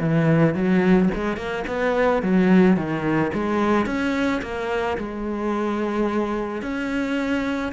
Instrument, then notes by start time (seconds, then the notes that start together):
cello
0.00 E3
0.55 F#3
1.15 G#3
1.37 A#3
1.67 B3
2.23 F#3
2.77 D#3
3.34 G#3
3.86 C#4
4.42 A#3
4.98 G#3
6.62 C#4